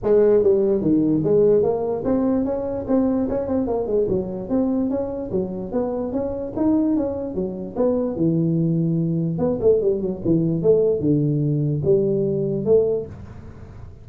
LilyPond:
\new Staff \with { instrumentName = "tuba" } { \time 4/4 \tempo 4 = 147 gis4 g4 dis4 gis4 | ais4 c'4 cis'4 c'4 | cis'8 c'8 ais8 gis8 fis4 c'4 | cis'4 fis4 b4 cis'4 |
dis'4 cis'4 fis4 b4 | e2. b8 a8 | g8 fis8 e4 a4 d4~ | d4 g2 a4 | }